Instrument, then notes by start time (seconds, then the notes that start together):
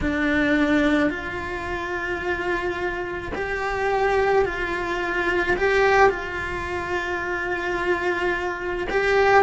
cello
0.01 D4
1.10 F4
3.34 G4
4.45 F4
5.57 G4
6.09 F4
8.89 G4